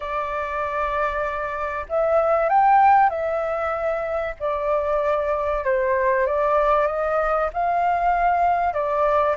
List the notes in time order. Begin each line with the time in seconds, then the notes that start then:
0.00 D5
1.88 E5
2.49 G5
3.09 E5
4.39 D5
5.64 C5
6.26 D5
6.87 D#5
7.53 F5
8.73 D5